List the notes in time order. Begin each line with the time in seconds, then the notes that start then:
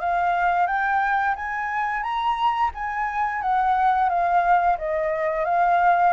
0.00 F5
0.67 G5
1.35 G#5
2.03 A#5
2.74 G#5
3.42 F#5
4.09 F5
4.78 D#5
5.45 F5